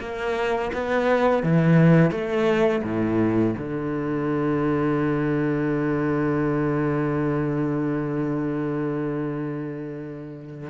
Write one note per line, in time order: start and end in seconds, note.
0.00 0.71 A#3
0.73 1.43 B3
1.43 2.11 E3
2.11 2.82 A3
2.83 3.55 A2
3.58 10.70 D3